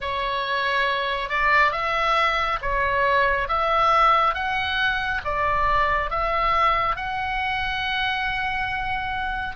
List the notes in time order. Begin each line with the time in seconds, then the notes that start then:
0.00 C#5
1.29 D5
1.72 E5
2.61 C#5
3.48 E5
4.34 F#5
5.24 D5
6.10 E5
6.96 F#5